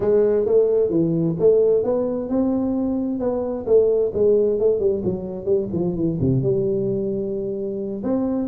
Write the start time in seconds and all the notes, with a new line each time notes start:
0.00 G#3
0.45 A3
0.90 E3
1.39 A3
1.83 B3
2.29 C4
3.19 B3
3.66 A3
4.13 G#3
4.59 A3
4.79 G3
5.04 F#3
5.45 G3
5.72 F3
5.95 E3
6.20 C3
6.42 G3
8.03 C4